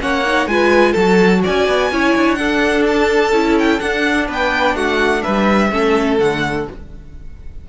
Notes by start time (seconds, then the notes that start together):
0.00 A#3 C#4 C#5 F#5
0.27 D#4
0.47 G#3 F4 B4 G#5
0.93 F#3 A4 A5
1.00 F#4
1.44 C#4 D5 G#5
1.68 B3
1.91 C#4 E4 C#5
2.16 D4
2.36 D4 A4 F#5
2.87 A5
3.33 C#4 E4
3.59 G5
3.80 D4 F#5
4.28 B3 B4 G5
4.75 A3 F#4 F#5
5.23 G3 B4 E5
5.72 A3 C#4 A4
6.19 D3 A3 F#5